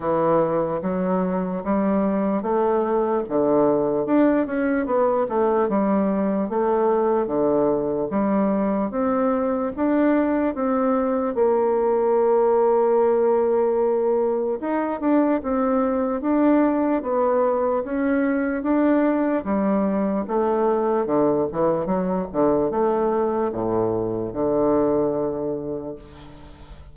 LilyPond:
\new Staff \with { instrumentName = "bassoon" } { \time 4/4 \tempo 4 = 74 e4 fis4 g4 a4 | d4 d'8 cis'8 b8 a8 g4 | a4 d4 g4 c'4 | d'4 c'4 ais2~ |
ais2 dis'8 d'8 c'4 | d'4 b4 cis'4 d'4 | g4 a4 d8 e8 fis8 d8 | a4 a,4 d2 | }